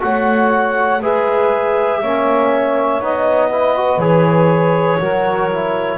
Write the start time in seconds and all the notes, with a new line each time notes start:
0.00 A3 F#4 C#5 F#5
1.01 G#3 G#4 B4 E5
1.99 A#3 C#4 C#5
3.01 B3 D#4 D#5
3.48 E4 B4
3.76 F#4
3.98 E3 G#4 C#5
5.00 F#3 F#4 A#4
5.51 E4